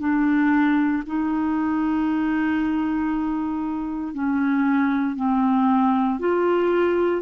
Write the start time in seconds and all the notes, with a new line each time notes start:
0.00 D4
1.06 D#4
4.14 C#4
5.16 C4
6.19 F4